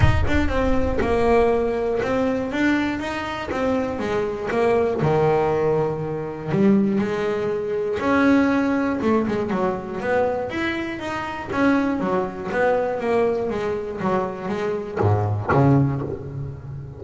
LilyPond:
\new Staff \with { instrumentName = "double bass" } { \time 4/4 \tempo 4 = 120 dis'8 d'8 c'4 ais2 | c'4 d'4 dis'4 c'4 | gis4 ais4 dis2~ | dis4 g4 gis2 |
cis'2 a8 gis8 fis4 | b4 e'4 dis'4 cis'4 | fis4 b4 ais4 gis4 | fis4 gis4 gis,4 cis4 | }